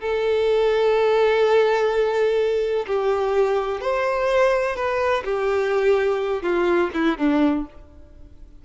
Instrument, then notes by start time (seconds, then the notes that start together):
violin
0.00 A4
2.87 G4
3.81 C5
4.76 B4
5.24 G4
6.42 F4
6.94 E4
7.17 D4